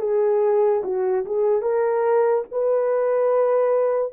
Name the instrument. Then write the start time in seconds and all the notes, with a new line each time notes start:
horn
0.00 G#4
0.84 F#4
1.26 G#4
1.62 A#4
2.51 B4